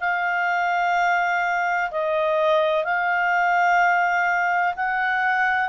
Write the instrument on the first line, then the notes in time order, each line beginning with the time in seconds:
clarinet
0.00 F5
1.90 D#5
2.84 F5
4.75 F#5